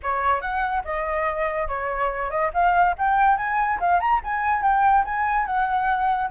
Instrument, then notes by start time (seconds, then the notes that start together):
flute
0.02 C#5
0.41 F#5
0.84 D#5
1.68 C#5
2.30 D#5
2.53 F5
2.98 G5
3.37 G#5
3.80 F5
4.00 A#5
4.24 G#5
4.62 G5
5.04 G#5
5.46 F#5